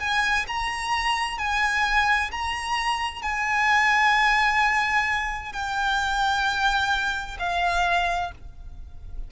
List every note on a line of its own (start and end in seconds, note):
0.00 0.46 G#5
0.48 1.39 A#5
1.39 2.31 G#5
2.32 3.23 A#5
3.23 5.53 G#5
5.53 7.38 G5
7.39 8.32 F5